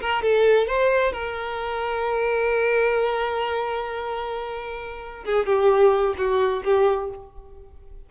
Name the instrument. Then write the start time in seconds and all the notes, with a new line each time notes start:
violin
0.00 A#4
0.22 A4
0.67 C5
1.12 A#4
5.24 G#4
5.45 G4
6.17 F#4
6.63 G4